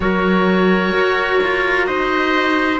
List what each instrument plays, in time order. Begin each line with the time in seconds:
0.00 cello F#3, clarinet F#4, trumpet A#4, oboe C#5
0.92 cello F#4
1.43 cello F4
1.86 cello D#4, trumpet C5, oboe D#5